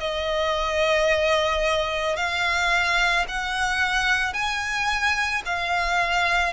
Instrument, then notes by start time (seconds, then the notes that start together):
violin
0.00 D#5
2.17 F5
3.28 F#5
4.34 G#5
5.46 F5